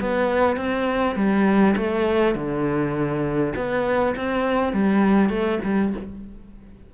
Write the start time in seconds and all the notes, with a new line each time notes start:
0.00 B3
0.56 C4
1.16 G3
1.76 A3
2.35 D3
3.55 B3
4.16 C4
4.73 G3
5.29 A3
5.64 G3